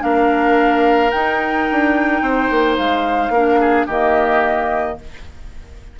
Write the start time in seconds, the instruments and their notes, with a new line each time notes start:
0.00 bassoon A#3, clarinet D4, oboe A#4, flute F5
1.11 bassoon D#4, clarinet D#4, flute G5
1.72 bassoon D4
2.22 bassoon C4, oboe C5
2.51 bassoon A#3
2.78 bassoon G#3, flute F5
3.29 bassoon A#3, clarinet D4, oboe A#4
3.60 oboe G#4
3.87 bassoon D#3, clarinet A#3, oboe G4, flute D#5